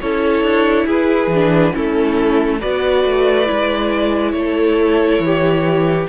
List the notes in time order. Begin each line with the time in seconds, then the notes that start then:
0.00 C#4 E4 A4 C#5
0.43 D4
0.86 E4 G#4 B4
1.27 E3
1.34 D4
1.73 A3 C#4 E4 A4
2.60 B3 F#4 B4 D5
3.05 A3
3.45 G#3 E4
4.32 A3 C#5
4.38 A4
5.19 E3 G4